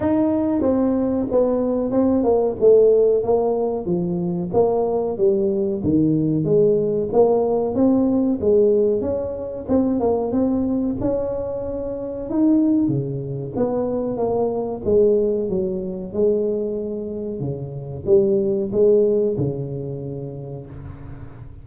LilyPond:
\new Staff \with { instrumentName = "tuba" } { \time 4/4 \tempo 4 = 93 dis'4 c'4 b4 c'8 ais8 | a4 ais4 f4 ais4 | g4 dis4 gis4 ais4 | c'4 gis4 cis'4 c'8 ais8 |
c'4 cis'2 dis'4 | cis4 b4 ais4 gis4 | fis4 gis2 cis4 | g4 gis4 cis2 | }